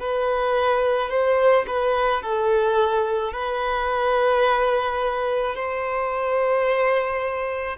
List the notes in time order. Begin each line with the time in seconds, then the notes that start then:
0.00 B4
1.10 C5
1.67 B4
2.22 A4
3.33 B4
5.55 C5